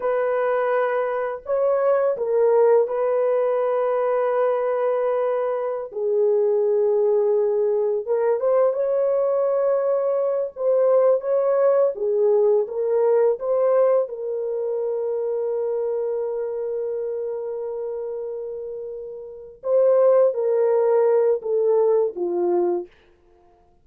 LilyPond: \new Staff \with { instrumentName = "horn" } { \time 4/4 \tempo 4 = 84 b'2 cis''4 ais'4 | b'1~ | b'16 gis'2. ais'8 c''16~ | c''16 cis''2~ cis''8 c''4 cis''16~ |
cis''8. gis'4 ais'4 c''4 ais'16~ | ais'1~ | ais'2.~ ais'8 c''8~ | c''8 ais'4. a'4 f'4 | }